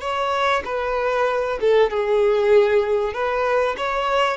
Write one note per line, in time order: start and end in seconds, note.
0.00 0.62 C#5
0.64 1.58 B4
1.61 1.90 A4
1.90 3.13 G#4
3.13 3.75 B4
3.77 4.37 C#5